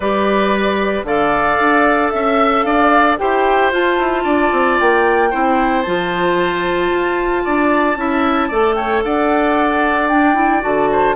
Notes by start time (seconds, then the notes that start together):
0.00 G3 G4 B4 D5
1.03 D3 A4 D5 F5
1.59 D4
2.10 C#4 E5
2.62 D4 D5 F5
3.18 E4 G4 C5 G5
3.72 F4 A5
3.98 E4
4.23 D4 D5
4.51 C4
4.79 A#3 G5
5.30 C4 E4 C5
5.82 F3 F4 A5
6.90 F4
7.44 D4 D5
7.96 C#4 E4 E5
8.48 A3 A4 D5
8.74 C#5 G5
9.03 D4 D5 F#5
10.08 D4 G5
10.34 E4
10.61 D3 F#4 A5
10.91 C5